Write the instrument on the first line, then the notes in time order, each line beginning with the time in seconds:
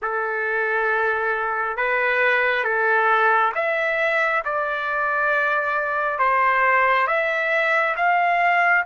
trumpet
0.02 A4
1.76 B4
2.64 A4
3.55 E5
4.44 D5
6.18 C5
7.07 E5
7.96 F5